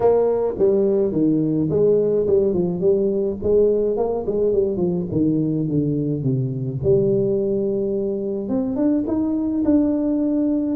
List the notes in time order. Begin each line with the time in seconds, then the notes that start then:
0.00 A#3
0.58 G3
1.12 D#3
1.70 G#3
2.26 G3
2.53 F3
2.80 G3
3.42 G#3
3.96 A#3
4.26 G#3
4.53 G3
4.77 F3
5.11 D#3
5.68 D3
6.22 C3
6.83 G3
8.48 C4
8.76 D4
9.07 D#4
9.65 D4